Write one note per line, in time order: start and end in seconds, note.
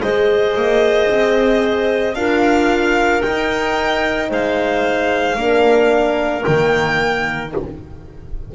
0.00 0.55 G#3
0.00 2.16 G#4
0.00 2.14 C5
0.00 2.14 D#5
0.55 1.09 A#3
1.09 2.14 C4
2.14 3.21 D4
2.14 3.23 F4
2.14 4.28 A#4
2.14 3.21 F5
3.21 4.30 D#4
3.21 5.37 D#4
3.21 4.29 G5
4.28 5.35 G#3
4.28 5.35 C5
4.28 6.44 F5
5.35 6.43 A#3
5.35 6.44 D4
5.35 7.53 A#4
6.44 7.54 D#3
6.44 7.51 A#3
6.44 7.51 G5